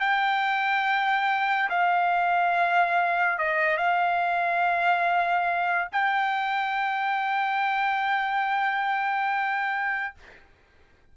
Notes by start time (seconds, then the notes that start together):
0.00 G5
1.69 F5
3.38 D#5
3.77 F5
5.92 G5